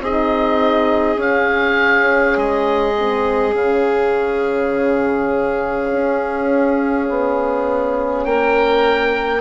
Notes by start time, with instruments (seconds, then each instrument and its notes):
0.00 bassoon C4, horn D#4, violin G#4, oboe D#5
1.17 bassoon C#4, horn C#4, oboe F5
2.37 bassoon G#3, oboe D#5
2.99 horn C4
3.53 bassoon C#3, horn C#4, oboe F5
5.91 bassoon C#4
7.09 bassoon B3
8.25 bassoon A#3, violin A#4, oboe G5